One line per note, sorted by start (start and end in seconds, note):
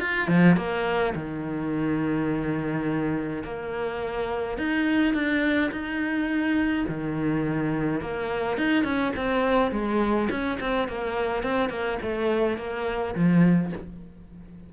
0.00 0.28 F4
0.28 0.56 F3
0.56 1.14 A#3
1.15 3.43 D#3
3.44 4.58 A#3
4.58 5.13 D#4
5.13 5.70 D4
5.71 6.85 D#4
6.88 8.01 D#3
8.01 8.57 A#3
8.57 8.83 D#4
8.83 9.12 C#4
9.16 9.71 C4
9.71 10.28 G#3
10.30 10.58 C#4
10.60 10.88 C4
10.88 11.43 A#3
11.43 11.69 C4
11.69 11.98 A#3
12.02 12.57 A3
12.57 13.15 A#3
13.15 13.72 F3